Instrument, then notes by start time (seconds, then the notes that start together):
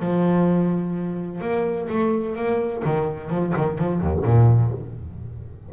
double bass
0.00 F3
1.41 A#3
1.89 A3
2.36 A#3
2.85 D#3
3.29 F3
3.56 D#3
3.78 F3
4.01 D#2
4.25 A#2